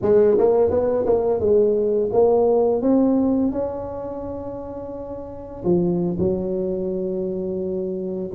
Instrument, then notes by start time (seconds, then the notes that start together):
tuba
0.02 G#3
0.38 A#3
0.70 B3
1.06 A#3
1.39 G#3
2.12 A#3
2.81 C4
3.52 C#4
5.64 F3
6.18 F#3